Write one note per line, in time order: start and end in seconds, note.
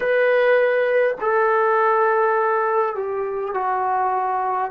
0.00 1.15 B4
1.20 2.95 A4
2.95 3.53 G4
3.53 4.71 F#4